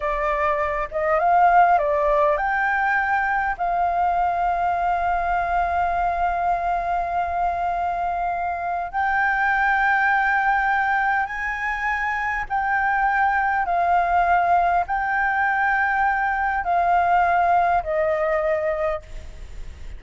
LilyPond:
\new Staff \with { instrumentName = "flute" } { \time 4/4 \tempo 4 = 101 d''4. dis''8 f''4 d''4 | g''2 f''2~ | f''1~ | f''2. g''4~ |
g''2. gis''4~ | gis''4 g''2 f''4~ | f''4 g''2. | f''2 dis''2 | }